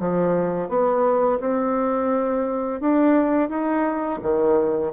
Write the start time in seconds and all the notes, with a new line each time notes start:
0.00 F3
0.69 B3
1.40 C4
2.81 D4
3.49 D#4
4.23 D#3